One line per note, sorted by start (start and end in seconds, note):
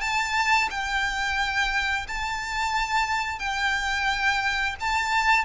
0.00 0.68 A5
0.70 2.06 G5
2.07 3.38 A5
3.38 4.75 G5
4.80 5.44 A5